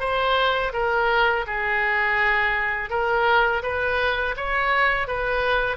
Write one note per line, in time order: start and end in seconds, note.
0.00 0.72 C5
0.73 1.46 A#4
1.47 2.90 G#4
2.90 3.62 A#4
3.63 4.35 B4
4.37 5.08 C#5
5.08 5.77 B4